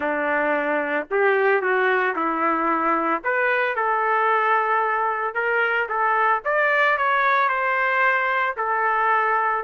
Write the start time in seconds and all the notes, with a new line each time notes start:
0.00 D4
1.10 G4
1.61 F#4
2.15 E4
3.24 B4
3.75 A4
5.34 A#4
5.88 A4
6.44 D5
6.97 C#5
7.48 C5
8.56 A4